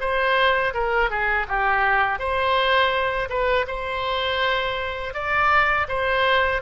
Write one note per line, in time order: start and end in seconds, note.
0.00 0.73 C5
0.74 1.10 A#4
1.10 1.47 G#4
1.48 2.19 G4
2.19 3.29 C5
3.29 3.66 B4
3.67 5.14 C5
5.14 5.87 D5
5.88 6.62 C5